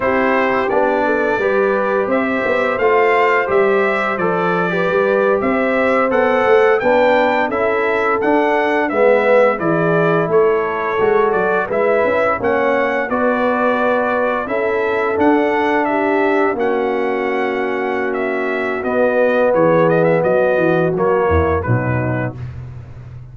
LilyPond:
<<
  \new Staff \with { instrumentName = "trumpet" } { \time 4/4 \tempo 4 = 86 c''4 d''2 e''4 | f''4 e''4 d''4.~ d''16 e''16~ | e''8. fis''4 g''4 e''4 fis''16~ | fis''8. e''4 d''4 cis''4~ cis''16~ |
cis''16 d''8 e''4 fis''4 d''4~ d''16~ | d''8. e''4 fis''4 e''4 fis''16~ | fis''2 e''4 dis''4 | cis''8 dis''16 e''16 dis''4 cis''4 b'4 | }
  \new Staff \with { instrumentName = "horn" } { \time 4/4 g'4. a'8 b'4 c''4~ | c''2~ c''8. b'4 c''16~ | c''4.~ c''16 b'4 a'4~ a'16~ | a'8. b'4 gis'4 a'4~ a'16~ |
a'8. b'4 cis''4 b'4~ b'16~ | b'8. a'2 g'4 fis'16~ | fis'1 | gis'4 fis'4. e'8 dis'4 | }
  \new Staff \with { instrumentName = "trombone" } { \time 4/4 e'4 d'4 g'2 | f'4 g'4 a'8. g'4~ g'16~ | g'8. a'4 d'4 e'4 d'16~ | d'8. b4 e'2 fis'16~ |
fis'8. e'4 cis'4 fis'4~ fis'16~ | fis'8. e'4 d'2 cis'16~ | cis'2. b4~ | b2 ais4 fis4 | }
  \new Staff \with { instrumentName = "tuba" } { \time 4/4 c'4 b4 g4 c'8 b8 | a4 g4 f4 g8. c'16~ | c'8. b8 a8 b4 cis'4 d'16~ | d'8. gis4 e4 a4 gis16~ |
gis16 fis8 gis8 cis'8 ais4 b4~ b16~ | b8. cis'4 d'2 ais16~ | ais2. b4 | e4 fis8 e8 fis8 e,8 b,4 | }
>>